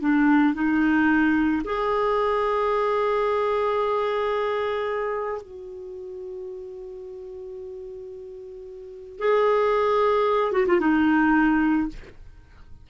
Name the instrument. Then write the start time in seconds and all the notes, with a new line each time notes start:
clarinet
0.00 D4
0.54 D#4
1.64 G#4
5.42 F#4
9.19 G#4
10.52 F#4
10.67 F4
10.80 D#4